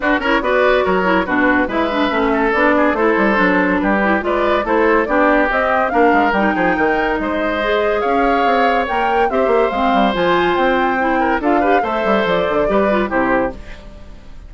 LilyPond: <<
  \new Staff \with { instrumentName = "flute" } { \time 4/4 \tempo 4 = 142 b'8 cis''8 d''4 cis''4 b'4 | e''2 d''4 c''4~ | c''4 b'4 d''4 c''4 | d''4 dis''4 f''4 g''4~ |
g''4 dis''2 f''4~ | f''4 g''4 e''4 f''4 | gis''4 g''2 f''4 | e''4 d''2 c''4 | }
  \new Staff \with { instrumentName = "oboe" } { \time 4/4 fis'8 ais'8 b'4 ais'4 fis'4 | b'4. a'4 gis'8 a'4~ | a'4 g'4 b'4 a'4 | g'2 ais'4. gis'8 |
ais'4 c''2 cis''4~ | cis''2 c''2~ | c''2~ c''8 ais'8 a'8 b'8 | c''2 b'4 g'4 | }
  \new Staff \with { instrumentName = "clarinet" } { \time 4/4 d'8 e'8 fis'4. e'8 d'4 | e'8 d'8 cis'4 d'4 e'4 | d'4. e'8 f'4 e'4 | d'4 c'4 d'4 dis'4~ |
dis'2 gis'2~ | gis'4 ais'4 g'4 c'4 | f'2 e'4 f'8 g'8 | a'2 g'8 f'8 e'4 | }
  \new Staff \with { instrumentName = "bassoon" } { \time 4/4 d'8 cis'8 b4 fis4 b,4 | gis4 a4 b4 a8 g8 | fis4 g4 gis4 a4 | b4 c'4 ais8 gis8 g8 f8 |
dis4 gis2 cis'4 | c'4 ais4 c'8 ais8 gis8 g8 | f4 c'2 d'4 | a8 g8 f8 d8 g4 c4 | }
>>